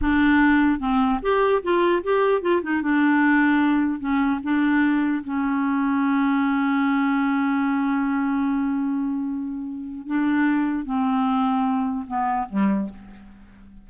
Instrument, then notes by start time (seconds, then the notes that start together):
clarinet
0.01 D4
0.79 C4
1.22 G4
1.62 F4
2.03 G4
2.41 F4
2.62 D#4
2.82 D4
3.99 C#4
4.43 D4
5.23 C#4
10.06 D4
10.85 C4
12.07 B3
12.49 G3